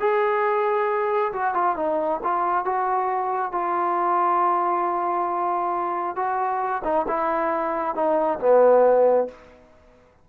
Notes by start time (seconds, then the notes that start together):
0.00 G#4
1.33 F#4
1.54 F4
1.77 D#4
2.24 F4
2.65 F#4
3.52 F4
6.16 F#4
6.84 D#4
7.08 E4
7.95 D#4
8.40 B3